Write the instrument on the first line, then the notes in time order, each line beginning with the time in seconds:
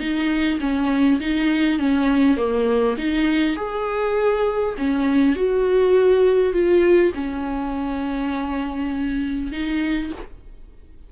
viola
0.00 D#4
0.60 C#4
1.20 D#4
1.79 C#4
2.37 A#3
2.98 D#4
3.56 G#4
4.78 C#4
5.36 F#4
6.53 F4
7.15 C#4
9.52 D#4